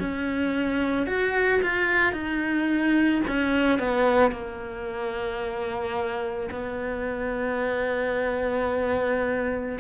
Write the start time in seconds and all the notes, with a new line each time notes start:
0.00 C#4
1.07 F#4
1.63 F4
2.13 D#4
3.28 C#4
3.79 B3
4.31 A#3
6.51 B3